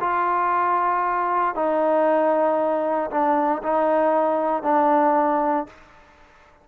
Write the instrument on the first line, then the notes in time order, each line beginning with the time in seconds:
trombone
0.00 F4
1.54 D#4
3.10 D4
3.63 D#4
4.63 D4